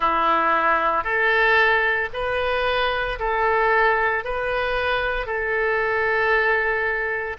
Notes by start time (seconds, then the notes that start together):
0.00 E4
1.04 A4
2.13 B4
3.19 A4
4.24 B4
5.26 A4